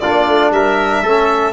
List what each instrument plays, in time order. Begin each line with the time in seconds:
0.00 tuba A#3, trombone D4, trumpet F4, violin D5
0.26 tuba A3
0.51 tuba G3, trumpet A#4, violin E5
1.02 tuba A3, trombone C#4, trumpet A4